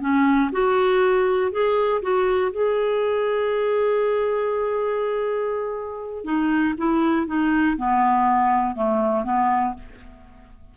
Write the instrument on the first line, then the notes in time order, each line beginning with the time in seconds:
clarinet
0.00 C#4
0.52 F#4
1.51 G#4
2.02 F#4
2.51 G#4
6.24 D#4
6.77 E4
7.27 D#4
7.77 B3
8.75 A3
9.24 B3